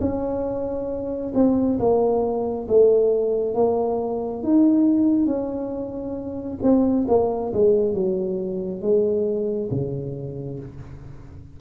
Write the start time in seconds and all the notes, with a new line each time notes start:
0.00 C#4
1.34 C4
1.79 A#3
2.68 A3
3.54 A#3
4.42 D#4
5.26 C#4
6.62 C4
7.08 A#3
7.53 G#3
7.94 F#3
8.81 G#3
9.71 C#3